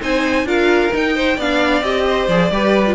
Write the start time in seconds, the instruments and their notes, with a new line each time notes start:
0.00 cello C4, viola D#4, violin C5 G#5
0.44 cello D4, viola F4, violin A#4 F5
0.93 viola D#4, cello D#4, violin G5
1.15 violin C5
1.36 cello B3, viola D4, violin D5 F5
1.81 cello C4, viola G4, violin D#5
2.06 violin C5
2.27 cello F3, viola G#4, violin D5
2.50 cello G3, viola G4, violin B4
2.86 viola F4